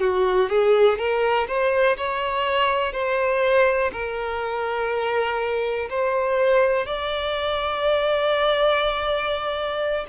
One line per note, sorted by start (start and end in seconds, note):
0.00 0.49 F#4
0.49 0.98 G#4
0.98 1.48 A#4
1.48 1.97 C5
1.97 2.93 C#5
2.93 3.91 C5
3.93 5.89 A#4
5.90 6.86 C5
6.86 10.06 D5